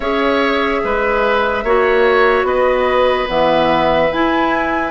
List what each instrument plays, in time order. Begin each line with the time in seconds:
0.00 bassoon C#4, clarinet G#4, oboe C#5, flute E5
0.84 bassoon G#3, oboe B4
1.63 bassoon A#3, clarinet F#4, oboe C#5
2.43 bassoon B3, oboe B4, flute D#5
3.27 bassoon E3, clarinet B3, flute E5
4.12 bassoon E4, clarinet E4, flute G#5